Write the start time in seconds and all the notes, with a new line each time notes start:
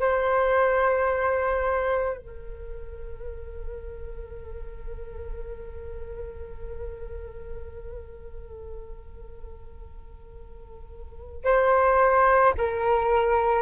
0.00 C5
2.18 A#4
11.44 C5
12.58 A#4